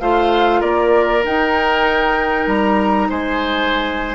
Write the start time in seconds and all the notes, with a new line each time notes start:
0.00 A3 F4 C5 F5
0.60 A#3 A#4 D5
1.22 D#4 G5
2.47 G3 A#5
3.10 G#3 C5 G#5